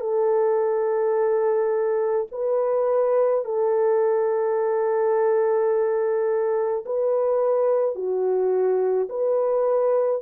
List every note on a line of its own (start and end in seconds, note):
0.00 2.26 A4
2.31 3.44 B4
3.44 6.84 A4
6.85 7.95 B4
7.95 9.08 F#4
9.09 10.21 B4